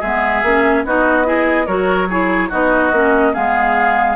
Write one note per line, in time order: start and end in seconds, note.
0.00 0.42 G#3
0.00 0.44 B3
0.00 0.83 G#4
0.00 0.84 E5
0.42 0.84 A#3
0.42 0.85 C#4
0.84 1.67 B3
0.84 1.24 D#4
0.84 1.26 F#4
0.84 1.66 D#5
1.24 1.66 E4
1.24 1.66 G#4
1.66 2.50 F#3
1.66 2.08 F#4
1.66 2.08 A#4
1.66 2.49 C#5
2.09 2.50 E4
2.09 2.49 G#4
2.49 2.92 B3
2.49 2.92 D#4
2.49 3.32 F#4
2.49 3.34 D#5
2.92 3.33 A#3
2.92 3.33 C#4
3.33 4.16 G#3
3.33 4.16 B3
3.33 4.16 G#4
3.33 4.16 F5